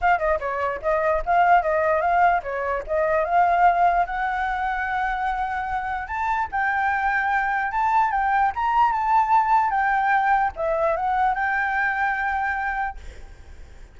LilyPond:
\new Staff \with { instrumentName = "flute" } { \time 4/4 \tempo 4 = 148 f''8 dis''8 cis''4 dis''4 f''4 | dis''4 f''4 cis''4 dis''4 | f''2 fis''2~ | fis''2. a''4 |
g''2. a''4 | g''4 ais''4 a''2 | g''2 e''4 fis''4 | g''1 | }